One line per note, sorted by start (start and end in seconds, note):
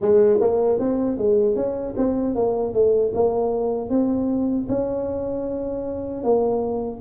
0.01 0.40 G#3
0.41 0.79 A#3
0.79 1.17 C4
1.17 1.55 G#3
1.55 1.94 C#4
1.96 2.35 C4
2.35 2.73 A#3
2.73 3.12 A3
3.14 3.89 A#3
3.89 4.67 C4
4.69 6.23 C#4
6.23 7.00 A#3